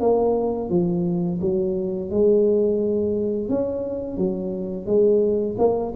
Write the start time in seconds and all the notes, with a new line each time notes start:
0.00 A#3
0.70 F3
1.41 F#3
2.10 G#3
3.49 C#4
4.17 F#3
4.86 G#3
5.58 A#3